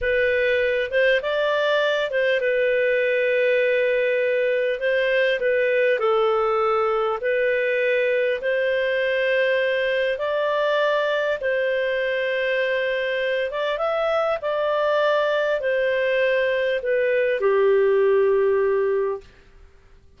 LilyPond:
\new Staff \with { instrumentName = "clarinet" } { \time 4/4 \tempo 4 = 100 b'4. c''8 d''4. c''8 | b'1 | c''4 b'4 a'2 | b'2 c''2~ |
c''4 d''2 c''4~ | c''2~ c''8 d''8 e''4 | d''2 c''2 | b'4 g'2. | }